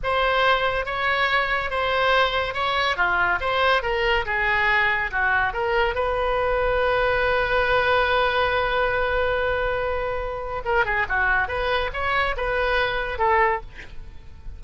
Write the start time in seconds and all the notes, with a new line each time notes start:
0.03 C5
0.85 C#5
1.70 C5
2.53 C#5
2.96 F4
3.40 C5
3.82 A#4
4.25 G#4
5.11 F#4
5.53 A#4
5.95 B4
10.64 A#4
10.85 G#4
11.09 F#4
11.48 B4
11.93 C#5
12.36 B4
13.18 A4